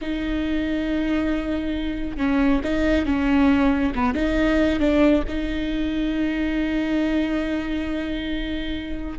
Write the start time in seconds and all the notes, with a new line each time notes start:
0.01 D#4
2.17 C#4
2.63 D#4
3.05 C#4
3.94 B3
4.14 D#4
4.79 D4
5.28 D#4